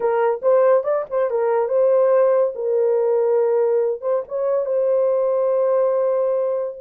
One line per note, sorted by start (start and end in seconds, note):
0.00 0.41 A#4
0.42 0.83 C5
0.83 1.04 D5
1.10 1.30 C5
1.30 1.68 A#4
1.68 2.53 C5
2.55 4.01 A#4
4.01 4.22 C5
4.28 4.65 C#5
4.65 6.78 C5